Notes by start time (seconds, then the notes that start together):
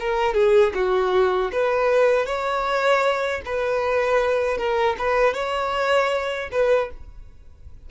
0.00 A#4
0.34 G#4
0.74 F#4
1.52 B4
2.26 C#5
3.45 B4
4.57 A#4
4.99 B4
5.34 C#5
6.51 B4